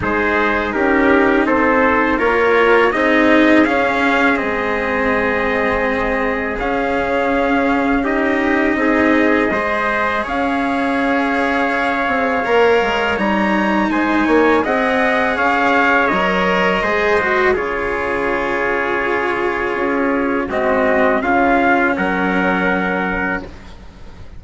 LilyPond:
<<
  \new Staff \with { instrumentName = "trumpet" } { \time 4/4 \tempo 4 = 82 c''4 ais'4 c''4 cis''4 | dis''4 f''4 dis''2~ | dis''4 f''2 dis''4~ | dis''2 f''2~ |
f''2 ais''4 gis''4 | fis''4 f''4 dis''2 | cis''1 | dis''4 f''4 fis''2 | }
  \new Staff \with { instrumentName = "trumpet" } { \time 4/4 gis'4 g'4 a'4 ais'4 | gis'1~ | gis'2. g'4 | gis'4 c''4 cis''2~ |
cis''2. c''8 cis''8 | dis''4 cis''2 c''4 | gis'1 | fis'4 f'4 ais'2 | }
  \new Staff \with { instrumentName = "cello" } { \time 4/4 dis'2. f'4 | dis'4 cis'4 c'2~ | c'4 cis'2 dis'4~ | dis'4 gis'2.~ |
gis'4 ais'4 dis'2 | gis'2 ais'4 gis'8 fis'8 | f'1 | c'4 cis'2. | }
  \new Staff \with { instrumentName = "bassoon" } { \time 4/4 gis4 cis'4 c'4 ais4 | c'4 cis'4 gis2~ | gis4 cis'2. | c'4 gis4 cis'2~ |
cis'8 c'8 ais8 gis8 g4 gis8 ais8 | c'4 cis'4 fis4 gis4 | cis2. cis'4 | gis4 cis4 fis2 | }
>>